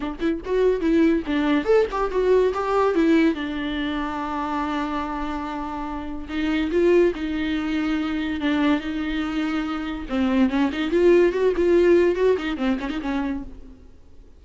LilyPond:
\new Staff \with { instrumentName = "viola" } { \time 4/4 \tempo 4 = 143 d'8 e'8 fis'4 e'4 d'4 | a'8 g'8 fis'4 g'4 e'4 | d'1~ | d'2. dis'4 |
f'4 dis'2. | d'4 dis'2. | c'4 cis'8 dis'8 f'4 fis'8 f'8~ | f'4 fis'8 dis'8 c'8 cis'16 dis'16 cis'4 | }